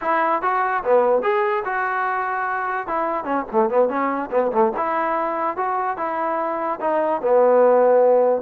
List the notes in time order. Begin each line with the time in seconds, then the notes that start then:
0.01 E4
0.41 F#4
0.83 B3
1.22 G#4
1.65 F#4
2.87 E4
3.24 C#4
3.51 A3
3.69 B3
3.88 C#4
4.31 B3
4.52 A3
4.76 E4
5.56 F#4
5.97 E4
6.80 D#4
7.21 B3